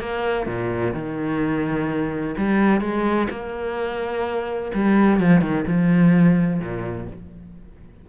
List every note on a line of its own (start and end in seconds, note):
0.00 0.46 A#3
0.46 0.93 A#2
0.94 2.35 D#3
2.37 2.81 G3
2.81 3.28 G#3
3.30 4.72 A#3
4.74 5.20 G3
5.20 5.41 F3
5.41 5.65 D#3
5.67 6.60 F3
6.60 7.07 A#2